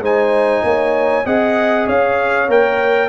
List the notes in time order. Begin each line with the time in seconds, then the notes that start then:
0.00 G#3 D#4 C5 G#5
0.64 A#3 C#5
1.26 C4 G#4 D#5 F#5
1.87 C#4 C#5 F5
2.48 A#3 A#4 G5